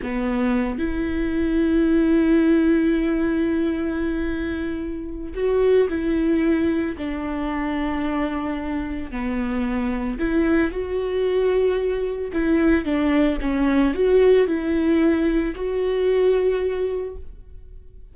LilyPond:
\new Staff \with { instrumentName = "viola" } { \time 4/4 \tempo 4 = 112 b4. e'2~ e'8~ | e'1~ | e'2 fis'4 e'4~ | e'4 d'2.~ |
d'4 b2 e'4 | fis'2. e'4 | d'4 cis'4 fis'4 e'4~ | e'4 fis'2. | }